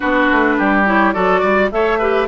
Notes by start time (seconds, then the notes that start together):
0.00 B3 D4 F#4 B4
0.31 A3
0.57 G3 G4
0.86 E4 C#5
1.12 F#3 F#4 A4 D5
1.40 G3 D5
1.71 A3 A4 C#5 E5
1.98 G4 B4